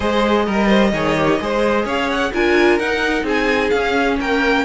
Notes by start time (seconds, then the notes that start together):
0.00 G#3 G#4 C5 D#5
0.46 G3 A#4
0.67 C5
0.92 D#3 G#4 C#5
1.16 G4
1.40 G#3 G#4 C5
1.85 C#4 C#5 F5
2.09 F#5
2.33 D4 F4 A#4 G#5
2.79 D#4 F#5
3.23 C4 G#4 G#5
3.69 C#4 F5
4.20 A#3 A#4 G5